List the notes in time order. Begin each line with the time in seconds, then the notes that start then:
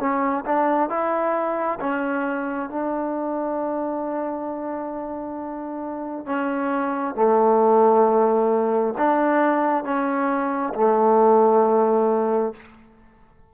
0.00 C#4
0.46 D4
0.90 E4
1.80 C#4
2.70 D4
6.26 C#4
7.15 A3
8.98 D4
9.84 C#4
10.74 A3